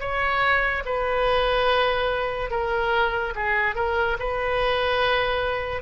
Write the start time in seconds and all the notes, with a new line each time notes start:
0.00 C#5
0.85 B4
2.50 A#4
3.35 G#4
3.75 A#4
4.19 B4